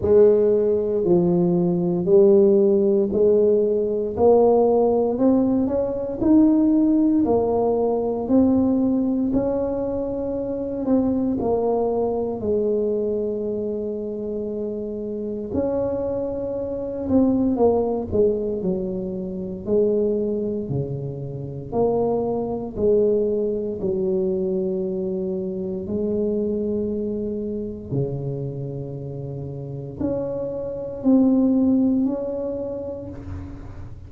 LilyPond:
\new Staff \with { instrumentName = "tuba" } { \time 4/4 \tempo 4 = 58 gis4 f4 g4 gis4 | ais4 c'8 cis'8 dis'4 ais4 | c'4 cis'4. c'8 ais4 | gis2. cis'4~ |
cis'8 c'8 ais8 gis8 fis4 gis4 | cis4 ais4 gis4 fis4~ | fis4 gis2 cis4~ | cis4 cis'4 c'4 cis'4 | }